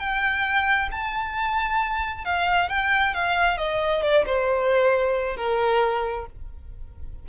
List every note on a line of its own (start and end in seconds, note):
0.00 0.90 G5
0.92 2.25 A5
2.25 2.69 F5
2.69 3.14 G5
3.15 3.58 F5
3.58 4.03 D#5
4.03 4.25 D5
4.26 5.37 C5
5.37 6.26 A#4